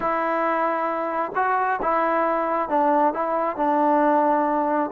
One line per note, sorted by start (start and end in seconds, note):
0.00 1.31 E4
1.35 1.80 F#4
1.81 2.69 E4
2.69 3.13 D4
3.13 3.56 E4
3.56 4.90 D4